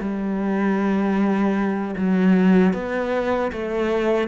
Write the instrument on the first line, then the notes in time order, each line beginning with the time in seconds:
cello
0.00 G3
1.96 F#3
2.73 B3
3.52 A3